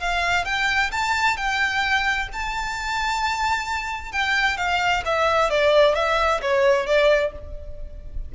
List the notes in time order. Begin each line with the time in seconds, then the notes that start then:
0.00 F5
0.45 G5
0.92 A5
1.37 G5
2.33 A5
4.12 G5
4.57 F5
5.05 E5
5.50 D5
5.95 E5
6.42 C#5
6.86 D5